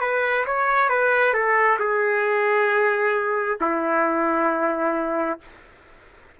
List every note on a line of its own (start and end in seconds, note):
0.00 0.45 B4
0.46 0.89 C#5
0.89 1.33 B4
1.33 1.78 A4
1.79 3.58 G#4
3.60 5.39 E4